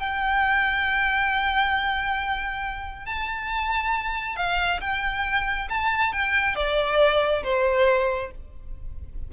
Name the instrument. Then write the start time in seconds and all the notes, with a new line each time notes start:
violin
0.00 G5
3.06 A5
4.37 F5
4.81 G5
5.70 A5
6.13 G5
6.56 D5
7.44 C5